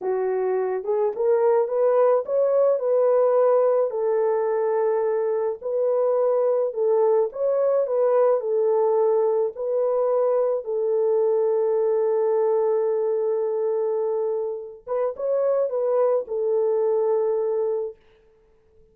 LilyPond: \new Staff \with { instrumentName = "horn" } { \time 4/4 \tempo 4 = 107 fis'4. gis'8 ais'4 b'4 | cis''4 b'2 a'4~ | a'2 b'2 | a'4 cis''4 b'4 a'4~ |
a'4 b'2 a'4~ | a'1~ | a'2~ a'8 b'8 cis''4 | b'4 a'2. | }